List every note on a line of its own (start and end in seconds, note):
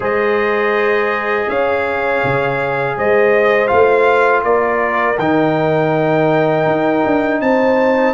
0.00 1.45 G#3
0.00 3.67 G#4
0.00 1.47 C5
0.00 1.49 D#5
1.48 2.22 C#4
1.48 2.96 C#5
1.48 2.97 F5
2.23 2.97 C#3
2.97 3.71 G#3
2.97 4.44 C5
2.97 3.67 D#5
3.67 4.43 A3
3.67 5.15 F4
3.67 4.41 F5
4.43 5.17 A#3
4.43 7.40 A#4
4.43 5.18 D5
5.18 6.66 D#3
5.18 8.13 D#4
5.18 7.41 G5
6.66 7.03 D#4
7.05 7.40 D4
7.40 8.13 C4
7.40 8.13 C5
7.40 8.13 A5